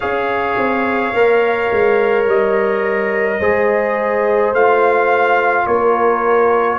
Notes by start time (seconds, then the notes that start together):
0.00 C#4 G#4 C#5 F5
0.57 C4
1.13 A#3 A#4
1.71 G#3
2.26 G3 D#5
3.39 G#3 G#4 C5
4.52 A3 F4 F5
5.66 A#3 A#4 C#5